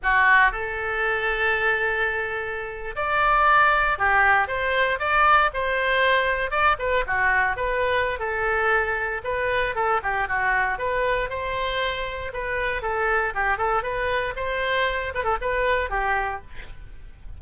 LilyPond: \new Staff \with { instrumentName = "oboe" } { \time 4/4 \tempo 4 = 117 fis'4 a'2.~ | a'4.~ a'16 d''2 g'16~ | g'8. c''4 d''4 c''4~ c''16~ | c''8. d''8 b'8 fis'4 b'4~ b'16 |
a'2 b'4 a'8 g'8 | fis'4 b'4 c''2 | b'4 a'4 g'8 a'8 b'4 | c''4. b'16 a'16 b'4 g'4 | }